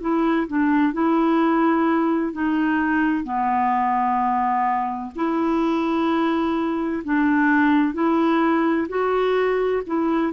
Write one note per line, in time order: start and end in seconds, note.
0.00 0.47 E4
0.47 0.93 D4
0.93 2.33 E4
2.33 3.23 D#4
3.23 5.11 B3
5.15 7.03 E4
7.04 7.93 D4
7.93 8.87 E4
8.88 9.82 F#4
9.87 10.33 E4